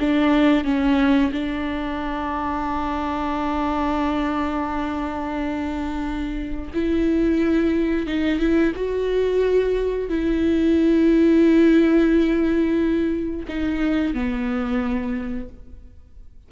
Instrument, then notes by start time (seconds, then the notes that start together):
viola
0.00 D4
0.64 C#4
1.32 D4
6.74 E4
8.07 D#4
8.39 E4
8.75 F#4
10.09 E4
13.48 D#4
14.14 B3